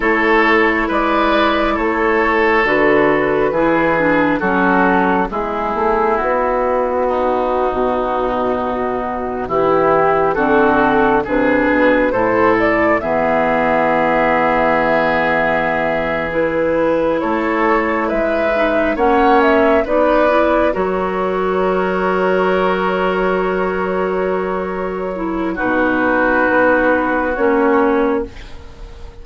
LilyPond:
<<
  \new Staff \with { instrumentName = "flute" } { \time 4/4 \tempo 4 = 68 cis''4 d''4 cis''4 b'4~ | b'4 a'4 gis'4 fis'4~ | fis'2~ fis'8. g'4 a'16~ | a'8. b'4 c''8 d''8 e''4~ e''16~ |
e''2~ e''8 b'4 cis''8~ | cis''8 e''4 fis''8 e''8 d''4 cis''8~ | cis''1~ | cis''4 b'2 cis''4 | }
  \new Staff \with { instrumentName = "oboe" } { \time 4/4 a'4 b'4 a'2 | gis'4 fis'4 e'2 | dis'2~ dis'8. e'4 fis'16~ | fis'8. gis'4 a'4 gis'4~ gis'16~ |
gis'2.~ gis'8 a'8~ | a'8 b'4 cis''4 b'4 ais'8~ | ais'1~ | ais'4 fis'2. | }
  \new Staff \with { instrumentName = "clarinet" } { \time 4/4 e'2. fis'4 | e'8 d'8 cis'4 b2~ | b2.~ b8. c'16~ | c'8. d'4 e'4 b4~ b16~ |
b2~ b8 e'4.~ | e'4 dis'8 cis'4 dis'8 e'8 fis'8~ | fis'1~ | fis'8 e'8 dis'2 cis'4 | }
  \new Staff \with { instrumentName = "bassoon" } { \time 4/4 a4 gis4 a4 d4 | e4 fis4 gis8 a8 b4~ | b8. b,2 e4 d16~ | d8. c8 b,8 a,4 e4~ e16~ |
e2.~ e8 a8~ | a8 gis4 ais4 b4 fis8~ | fis1~ | fis4 b,4 b4 ais4 | }
>>